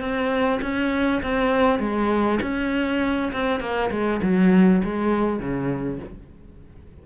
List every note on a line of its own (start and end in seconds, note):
0.00 0.60 C4
0.62 1.22 C#4
1.22 1.79 C4
1.79 2.39 G#3
2.42 3.32 C#4
3.33 3.60 C4
3.60 3.90 A#3
3.91 4.21 G#3
4.22 4.82 F#3
4.84 5.39 G#3
5.39 5.99 C#3